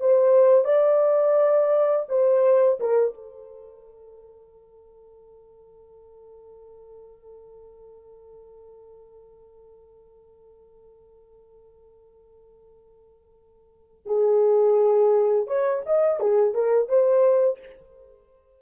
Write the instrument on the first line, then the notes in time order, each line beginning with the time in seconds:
horn
0.00 C5
0.65 D5
2.09 C5
2.80 A#4
3.14 A4
14.06 G#4
15.47 C#5
15.86 D#5
16.20 G#4
16.54 A#4
16.89 C5